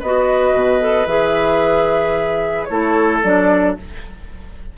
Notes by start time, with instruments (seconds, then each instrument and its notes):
0.00 bassoon B3, clarinet F#4, oboe B4, flute D#5
0.54 bassoon B2
0.80 clarinet A4
1.06 bassoon E3, clarinet G#4, flute E5
2.65 bassoon A3, clarinet E4, oboe A4, flute C#5
3.23 bassoon F#3, clarinet D4, flute D5